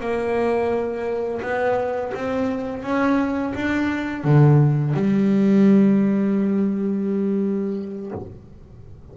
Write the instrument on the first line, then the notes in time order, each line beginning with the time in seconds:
double bass
0.00 A#3
1.42 B3
2.14 C4
2.83 C#4
3.55 D4
4.24 D3
4.94 G3